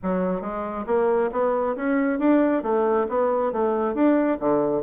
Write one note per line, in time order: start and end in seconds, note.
0.03 0.41 F#3
0.41 0.85 G#3
0.86 1.30 A#3
1.31 1.75 B3
1.76 2.19 C#4
2.19 2.62 D4
2.62 3.06 A3
3.08 3.52 B3
3.52 3.94 A3
3.94 4.38 D4
4.39 4.82 D3